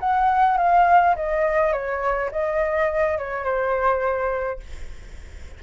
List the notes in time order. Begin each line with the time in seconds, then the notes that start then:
0.00 F#5
0.58 F5
1.16 D#5
1.73 C#5
2.31 D#5
3.18 C#5
3.44 C5